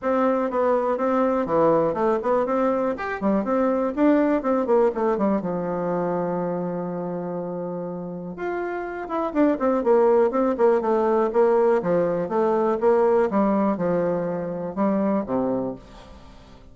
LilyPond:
\new Staff \with { instrumentName = "bassoon" } { \time 4/4 \tempo 4 = 122 c'4 b4 c'4 e4 | a8 b8 c'4 g'8 g8 c'4 | d'4 c'8 ais8 a8 g8 f4~ | f1~ |
f4 f'4. e'8 d'8 c'8 | ais4 c'8 ais8 a4 ais4 | f4 a4 ais4 g4 | f2 g4 c4 | }